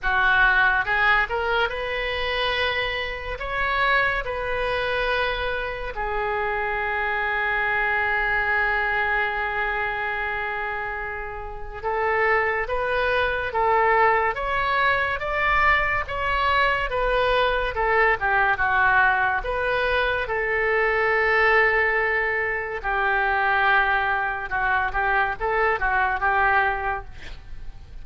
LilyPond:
\new Staff \with { instrumentName = "oboe" } { \time 4/4 \tempo 4 = 71 fis'4 gis'8 ais'8 b'2 | cis''4 b'2 gis'4~ | gis'1~ | gis'2 a'4 b'4 |
a'4 cis''4 d''4 cis''4 | b'4 a'8 g'8 fis'4 b'4 | a'2. g'4~ | g'4 fis'8 g'8 a'8 fis'8 g'4 | }